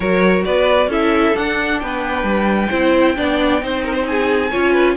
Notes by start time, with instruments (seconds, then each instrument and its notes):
0.00 cello F#3, viola F#4, violin A#4 C#5
0.44 cello B3, violin B4 D5
0.87 cello C#4, viola E4, violin A4 E5
1.34 viola D4, cello D4, violin F#5
1.79 cello B3, violin B4 G5
2.23 cello G3
2.69 cello C4, viola E4, violin C5
3.16 cello B3, viola D4, violin D5
3.61 cello C4, viola D#4, violin C5
3.84 violin A#4
3.93 violin C5
4.07 violin G#4 G#5
4.50 cello C#4, viola F4, violin C#5
4.72 violin B4